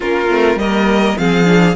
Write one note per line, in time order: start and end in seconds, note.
0.00 0.30 A#3
0.00 0.27 C#4
0.00 0.58 F4
0.00 0.58 A#4
0.28 0.55 A3
0.28 0.58 C4
0.55 1.14 G3
0.55 1.18 A#3
0.55 1.18 A#4
0.55 1.17 D#5
1.17 1.76 F3
1.17 1.44 C4
1.17 1.76 G#4
1.17 1.76 F5
1.44 1.74 D4